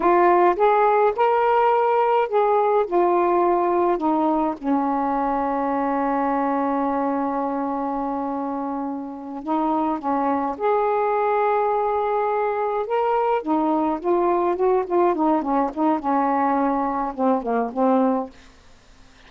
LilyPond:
\new Staff \with { instrumentName = "saxophone" } { \time 4/4 \tempo 4 = 105 f'4 gis'4 ais'2 | gis'4 f'2 dis'4 | cis'1~ | cis'1~ |
cis'8 dis'4 cis'4 gis'4.~ | gis'2~ gis'8 ais'4 dis'8~ | dis'8 f'4 fis'8 f'8 dis'8 cis'8 dis'8 | cis'2 c'8 ais8 c'4 | }